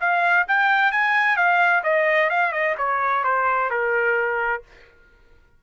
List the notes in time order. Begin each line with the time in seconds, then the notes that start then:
0.00 F5
0.48 G5
0.92 G#5
1.36 F5
1.83 D#5
2.30 F5
2.52 D#5
2.78 C#5
3.24 C5
3.70 A#4